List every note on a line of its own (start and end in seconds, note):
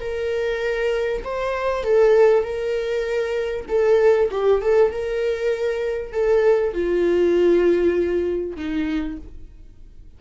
0.00 1.22 A#4
1.24 1.83 C5
1.83 2.43 A4
2.43 3.65 A#4
3.68 4.30 A4
4.31 4.61 G4
4.61 4.92 A4
4.92 6.12 A#4
6.12 6.73 A4
6.73 8.56 F4
8.56 9.18 D#4